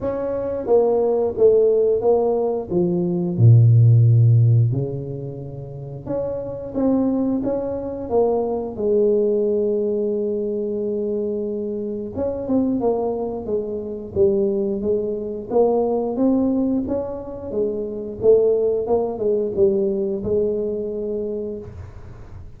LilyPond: \new Staff \with { instrumentName = "tuba" } { \time 4/4 \tempo 4 = 89 cis'4 ais4 a4 ais4 | f4 ais,2 cis4~ | cis4 cis'4 c'4 cis'4 | ais4 gis2.~ |
gis2 cis'8 c'8 ais4 | gis4 g4 gis4 ais4 | c'4 cis'4 gis4 a4 | ais8 gis8 g4 gis2 | }